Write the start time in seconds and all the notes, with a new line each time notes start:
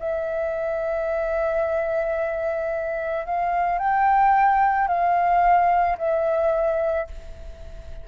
0.00 E5
3.26 F5
3.79 G5
4.88 F5
5.99 E5